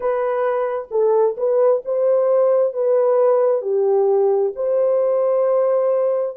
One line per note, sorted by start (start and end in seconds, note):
0.00 0.88 B4
0.90 1.36 A4
1.37 1.82 B4
1.85 2.73 C5
2.73 3.61 B4
3.61 4.52 G4
4.55 6.37 C5